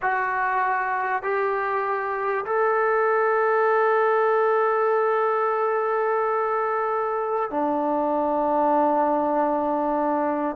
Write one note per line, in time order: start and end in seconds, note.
0.02 1.22 F#4
1.22 2.45 G4
2.45 7.50 A4
7.50 10.56 D4